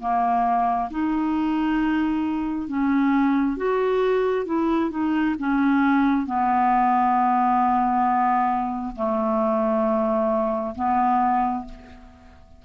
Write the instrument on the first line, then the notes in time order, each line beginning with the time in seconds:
clarinet
0.00 A#3
0.90 D#4
2.68 C#4
3.57 F#4
4.46 E4
4.91 D#4
5.39 C#4
6.26 B3
8.96 A3
10.75 B3